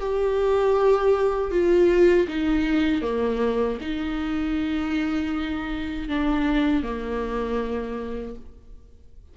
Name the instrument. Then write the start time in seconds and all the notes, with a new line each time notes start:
viola
0.00 G4
1.52 F4
2.28 D#4
3.02 A#3
3.81 D#4
6.09 D4
6.83 A#3